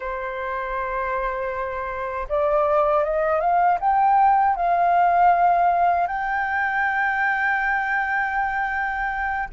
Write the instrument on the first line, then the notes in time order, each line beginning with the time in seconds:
flute
0.00 C5
2.29 D5
3.03 D#5
3.40 F5
3.80 G5
4.56 F5
6.07 G5